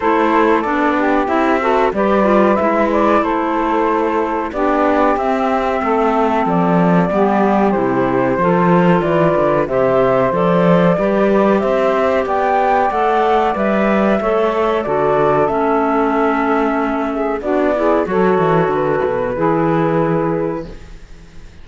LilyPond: <<
  \new Staff \with { instrumentName = "flute" } { \time 4/4 \tempo 4 = 93 c''4 d''4 e''4 d''4 | e''8 d''8 c''2 d''4 | e''2 d''2 | c''2 d''4 e''4 |
d''2 e''4 g''4 | fis''4 e''2 d''4 | e''2. d''4 | cis''4 b'2. | }
  \new Staff \with { instrumentName = "saxophone" } { \time 4/4 a'4. g'4 a'8 b'4~ | b'4 a'2 g'4~ | g'4 a'2 g'4~ | g'4 a'4 b'4 c''4~ |
c''4 b'4 c''4 d''4~ | d''2 cis''4 a'4~ | a'2~ a'8 gis'8 fis'8 gis'8 | a'2 gis'2 | }
  \new Staff \with { instrumentName = "clarinet" } { \time 4/4 e'4 d'4 e'8 fis'8 g'8 f'8 | e'2. d'4 | c'2. b4 | e'4 f'2 g'4 |
a'4 g'2. | a'4 b'4 a'4 fis'4 | cis'2. d'8 e'8 | fis'2 e'2 | }
  \new Staff \with { instrumentName = "cello" } { \time 4/4 a4 b4 c'4 g4 | gis4 a2 b4 | c'4 a4 f4 g4 | c4 f4 e8 d8 c4 |
f4 g4 c'4 b4 | a4 g4 a4 d4 | a2. b4 | fis8 e8 d8 b,8 e2 | }
>>